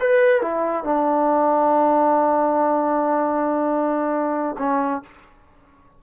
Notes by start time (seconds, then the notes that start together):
0.00 B4
0.41 E4
0.84 D4
4.58 C#4